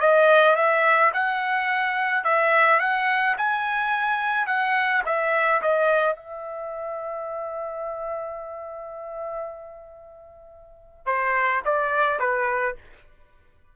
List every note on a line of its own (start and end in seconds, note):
0.00 0.56 D#5
0.56 1.12 E5
1.13 2.24 F#5
2.24 2.80 E5
2.80 3.36 F#5
3.37 4.47 G#5
4.47 5.03 F#5
5.05 5.62 E5
5.62 6.16 D#5
6.16 11.06 E5
11.06 11.62 C5
11.65 12.19 D5
12.19 12.75 B4